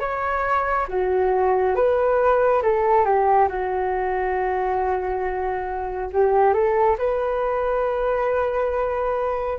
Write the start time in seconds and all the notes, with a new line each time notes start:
0.00 C#5
0.89 F#4
1.75 B4
2.63 A4
3.05 G4
3.49 F#4
6.13 G4
6.53 A4
6.98 B4